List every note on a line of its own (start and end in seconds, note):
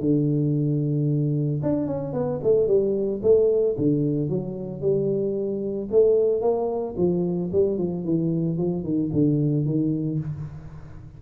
0.00 1.61 D3
1.63 1.87 D4
1.87 2.14 C#4
2.14 2.40 B3
2.44 2.68 A3
2.68 3.21 G3
3.23 3.76 A3
3.78 4.29 D3
4.29 4.81 F#3
4.81 5.89 G3
5.91 6.41 A3
6.41 6.95 A#3
6.97 7.51 F3
7.52 7.78 G3
7.78 8.05 F3
8.05 8.58 E3
8.58 8.84 F3
8.84 9.11 D#3
9.13 9.66 D3
9.66 10.19 D#3